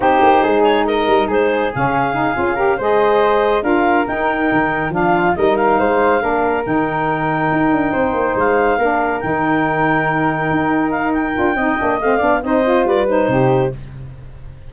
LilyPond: <<
  \new Staff \with { instrumentName = "clarinet" } { \time 4/4 \tempo 4 = 140 c''4. cis''8 dis''4 c''4 | f''2~ f''8 dis''4.~ | dis''8 f''4 g''2 f''8~ | f''8 dis''8 f''2~ f''8 g''8~ |
g''2.~ g''8 f''8~ | f''4. g''2~ g''8~ | g''4. f''8 g''2 | f''4 dis''4 d''8 c''4. | }
  \new Staff \with { instrumentName = "flute" } { \time 4/4 g'4 gis'4 ais'4 gis'4~ | gis'2 ais'8 c''4.~ | c''8 ais'2. f'8~ | f'8 ais'4 c''4 ais'4.~ |
ais'2~ ais'8 c''4.~ | c''8 ais'2.~ ais'8~ | ais'2. dis''4~ | dis''8 d''8 c''4 b'4 g'4 | }
  \new Staff \with { instrumentName = "saxophone" } { \time 4/4 dis'1 | cis'4 dis'8 f'8 g'8 gis'4.~ | gis'8 f'4 dis'2 d'8~ | d'8 dis'2 d'4 dis'8~ |
dis'1~ | dis'8 d'4 dis'2~ dis'8~ | dis'2~ dis'8 f'8 dis'8 d'8 | c'8 d'8 dis'8 f'4 dis'4. | }
  \new Staff \with { instrumentName = "tuba" } { \time 4/4 c'8 ais8 gis4. g8 gis4 | cis4. cis'4 gis4.~ | gis8 d'4 dis'4 dis4 f8~ | f8 g4 gis4 ais4 dis8~ |
dis4. dis'8 d'8 c'8 ais8 gis8~ | gis8 ais4 dis2~ dis8~ | dis8 dis'2 d'8 c'8 ais8 | a8 b8 c'4 g4 c4 | }
>>